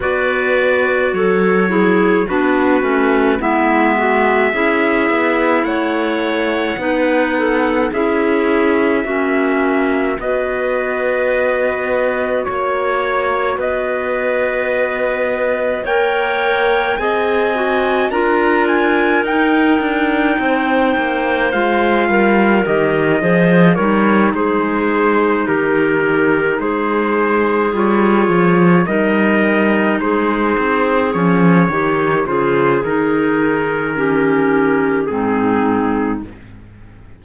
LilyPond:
<<
  \new Staff \with { instrumentName = "trumpet" } { \time 4/4 \tempo 4 = 53 d''4 cis''4 b'4 e''4~ | e''4 fis''2 e''4~ | e''4 dis''2 cis''4 | dis''2 g''4 gis''4 |
ais''8 gis''8 g''2 f''4 | dis''4 cis''8 c''4 ais'4 c''8~ | c''8 cis''4 dis''4 c''4 cis''8~ | cis''8 c''8 ais'2 gis'4 | }
  \new Staff \with { instrumentName = "clarinet" } { \time 4/4 b'4 a'8 gis'8 fis'4 e'8 fis'8 | gis'4 cis''4 b'8 a'8 gis'4 | fis'4 b'2 cis''4 | b'2 cis''4 dis''4 |
ais'2 c''4. ais'8~ | ais'8 c''8 ais'8 gis'4 g'4 gis'8~ | gis'4. ais'4 gis'4. | g'8 gis'4. g'4 dis'4 | }
  \new Staff \with { instrumentName = "clarinet" } { \time 4/4 fis'4. e'8 d'8 cis'8 b4 | e'2 dis'4 e'4 | cis'4 fis'2.~ | fis'2 ais'4 gis'8 fis'8 |
f'4 dis'2 f'4 | g'8 gis'8 dis'2.~ | dis'8 f'4 dis'2 cis'8 | dis'8 f'8 dis'4 cis'4 c'4 | }
  \new Staff \with { instrumentName = "cello" } { \time 4/4 b4 fis4 b8 a8 gis4 | cis'8 b8 a4 b4 cis'4 | ais4 b2 ais4 | b2 ais4 c'4 |
d'4 dis'8 d'8 c'8 ais8 gis8 g8 | dis8 f8 g8 gis4 dis4 gis8~ | gis8 g8 f8 g4 gis8 c'8 f8 | dis8 cis8 dis2 gis,4 | }
>>